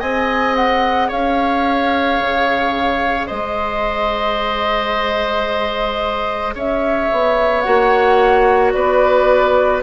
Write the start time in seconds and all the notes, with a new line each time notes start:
0.00 C4 G#4 D#5 G#5
0.56 F#5
1.09 C#4 C#5 F5
2.20 C#3
3.27 G#3 C5 D#5
6.55 C#4 C#5 E5
7.12 B3
7.61 A#3 F#4 F#5
8.72 B3 B4 D5